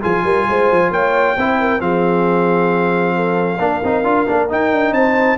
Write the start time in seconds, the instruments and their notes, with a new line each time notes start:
0.00 tuba F3, trombone F4, horn G#4, trumpet G#5
0.24 tuba G3, horn A#4
0.49 tuba G#3, horn C5
0.71 tuba F3
0.90 tuba A#3, horn C#5, trumpet G5
1.36 tuba C4, trombone E4, horn C5
1.59 horn A#4
1.79 tuba F3, trombone C4, horn G#4, trumpet F5
3.15 horn A4
3.59 tuba A#3, trombone D4, horn A#4
3.84 tuba C4, trombone D#4
4.04 tuba D4, trombone F4
4.27 tuba A#3, trombone D4
4.49 trombone D#4, tuba D#4, trumpet G5
4.72 tuba D4
4.91 tuba C4, horn C5, trumpet A5